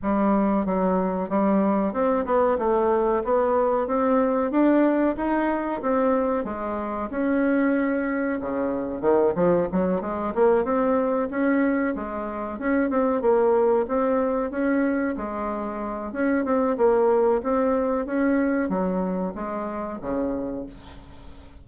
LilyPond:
\new Staff \with { instrumentName = "bassoon" } { \time 4/4 \tempo 4 = 93 g4 fis4 g4 c'8 b8 | a4 b4 c'4 d'4 | dis'4 c'4 gis4 cis'4~ | cis'4 cis4 dis8 f8 fis8 gis8 |
ais8 c'4 cis'4 gis4 cis'8 | c'8 ais4 c'4 cis'4 gis8~ | gis4 cis'8 c'8 ais4 c'4 | cis'4 fis4 gis4 cis4 | }